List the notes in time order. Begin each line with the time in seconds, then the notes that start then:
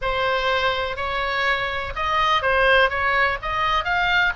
0.01 C5
0.96 C#5
1.95 D#5
2.41 C5
2.89 C#5
3.42 D#5
3.84 F5